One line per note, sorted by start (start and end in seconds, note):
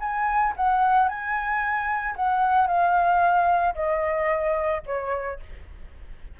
0.00 0.54 G#5
0.56 1.08 F#5
1.08 2.15 G#5
2.16 2.67 F#5
2.67 3.74 F5
3.75 4.82 D#5
4.86 5.39 C#5